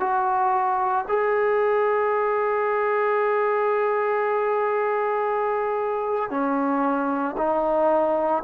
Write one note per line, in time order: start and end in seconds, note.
0.00 1.05 F#4
1.09 6.31 G#4
6.31 7.36 C#4
7.38 8.43 D#4